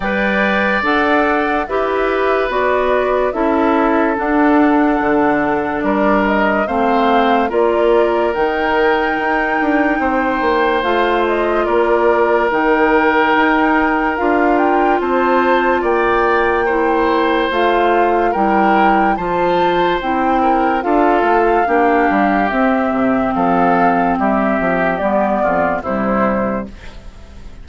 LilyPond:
<<
  \new Staff \with { instrumentName = "flute" } { \time 4/4 \tempo 4 = 72 g''4 fis''4 e''4 d''4 | e''4 fis''2 d''8 dis''8 | f''4 d''4 g''2~ | g''4 f''8 dis''8 d''4 g''4~ |
g''4 f''8 g''8 a''4 g''4~ | g''4 f''4 g''4 a''4 | g''4 f''2 e''4 | f''4 e''4 d''4 c''4 | }
  \new Staff \with { instrumentName = "oboe" } { \time 4/4 d''2 b'2 | a'2. ais'4 | c''4 ais'2. | c''2 ais'2~ |
ais'2 c''4 d''4 | c''2 ais'4 c''4~ | c''8 ais'8 a'4 g'2 | a'4 g'4. f'8 e'4 | }
  \new Staff \with { instrumentName = "clarinet" } { \time 4/4 b'4 a'4 g'4 fis'4 | e'4 d'2. | c'4 f'4 dis'2~ | dis'4 f'2 dis'4~ |
dis'4 f'2. | e'4 f'4 e'4 f'4 | e'4 f'4 d'4 c'4~ | c'2 b4 g4 | }
  \new Staff \with { instrumentName = "bassoon" } { \time 4/4 g4 d'4 e'4 b4 | cis'4 d'4 d4 g4 | a4 ais4 dis4 dis'8 d'8 | c'8 ais8 a4 ais4 dis4 |
dis'4 d'4 c'4 ais4~ | ais4 a4 g4 f4 | c'4 d'8 a8 ais8 g8 c'8 c8 | f4 g8 f8 g8 f,8 c4 | }
>>